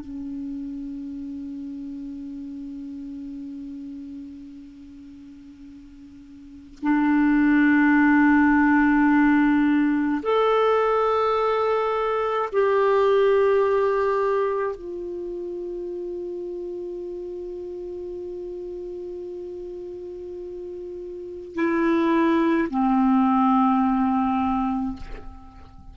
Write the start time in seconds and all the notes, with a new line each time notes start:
0.00 C#4
6.82 D4
10.23 A4
12.52 G4
14.76 F4
21.55 E4
22.70 C4